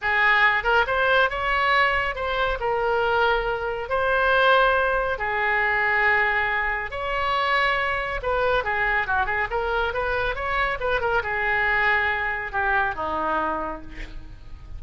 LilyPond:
\new Staff \with { instrumentName = "oboe" } { \time 4/4 \tempo 4 = 139 gis'4. ais'8 c''4 cis''4~ | cis''4 c''4 ais'2~ | ais'4 c''2. | gis'1 |
cis''2. b'4 | gis'4 fis'8 gis'8 ais'4 b'4 | cis''4 b'8 ais'8 gis'2~ | gis'4 g'4 dis'2 | }